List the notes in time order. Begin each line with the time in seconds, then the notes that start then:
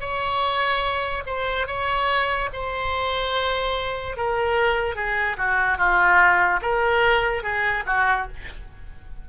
0.00 C#5
1.26 C5
1.67 C#5
2.53 C5
4.17 A#4
4.95 G#4
5.38 F#4
5.78 F4
6.62 A#4
7.43 G#4
7.86 F#4